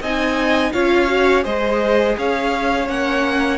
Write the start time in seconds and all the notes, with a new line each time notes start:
0.00 C4 D#4 D#5 G#5
0.72 C#4 F4 C#5 F5
1.07 F#4
1.43 G#3 G#4 C5 D#5
2.17 C#4 C#5 F5
2.87 A#3 C#4 F#5